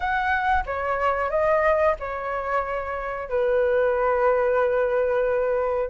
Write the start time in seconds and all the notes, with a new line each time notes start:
0.00 F#5
0.66 C#5
1.30 D#5
1.99 C#5
3.29 B4